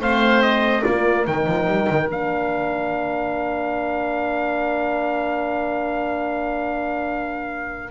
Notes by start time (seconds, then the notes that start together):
0.00 A3 C4 C5 F5
0.43 D#5
0.83 A#3 F4 A#4 D5
1.26 D#3 D#4 G5
1.47 F3
1.67 G3
1.90 D#3
2.10 A#3 D4 F5